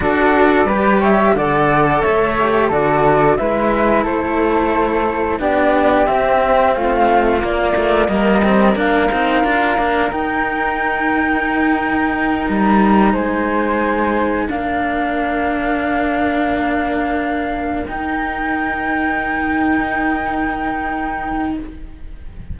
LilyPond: <<
  \new Staff \with { instrumentName = "flute" } { \time 4/4 \tempo 4 = 89 d''4. e''8 fis''4 e''4 | d''4 e''4 c''2 | d''4 e''4 f''4 d''4 | dis''4 f''2 g''4~ |
g''2~ g''8 ais''4 gis''8~ | gis''4. f''2~ f''8~ | f''2~ f''8 g''4.~ | g''1 | }
  \new Staff \with { instrumentName = "flute" } { \time 4/4 a'4 b'8 cis''8 d''4 cis''4 | a'4 b'4 a'2 | g'2 f'2 | ais'1~ |
ais'2.~ ais'8 c''8~ | c''4. ais'2~ ais'8~ | ais'1~ | ais'1 | }
  \new Staff \with { instrumentName = "cello" } { \time 4/4 fis'4 g'4 a'4. g'8 | fis'4 e'2. | d'4 c'2 ais8 a8 | ais8 c'8 d'8 dis'8 f'8 d'8 dis'4~ |
dis'1~ | dis'4. d'2~ d'8~ | d'2~ d'8 dis'4.~ | dis'1 | }
  \new Staff \with { instrumentName = "cello" } { \time 4/4 d'4 g4 d4 a4 | d4 gis4 a2 | b4 c'4 a4 ais4 | g4 ais8 c'8 d'8 ais8 dis'4~ |
dis'2~ dis'8 g4 gis8~ | gis4. ais2~ ais8~ | ais2~ ais8 dis'4.~ | dis'1 | }
>>